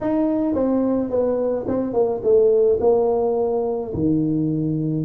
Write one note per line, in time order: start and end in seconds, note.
0.00 0.54 D#4
0.54 1.10 C4
1.10 1.66 B3
1.67 1.93 C4
1.93 2.21 A#3
2.23 2.79 A3
2.80 3.92 A#3
3.93 5.05 D#3